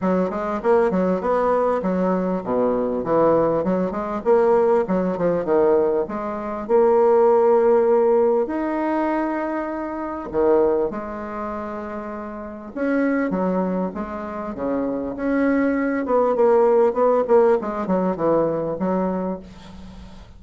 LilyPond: \new Staff \with { instrumentName = "bassoon" } { \time 4/4 \tempo 4 = 99 fis8 gis8 ais8 fis8 b4 fis4 | b,4 e4 fis8 gis8 ais4 | fis8 f8 dis4 gis4 ais4~ | ais2 dis'2~ |
dis'4 dis4 gis2~ | gis4 cis'4 fis4 gis4 | cis4 cis'4. b8 ais4 | b8 ais8 gis8 fis8 e4 fis4 | }